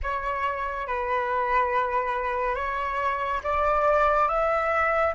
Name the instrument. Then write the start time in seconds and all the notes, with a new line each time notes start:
flute
0.02 C#5
0.86 B4
2.55 C#5
3.43 D5
4.28 E5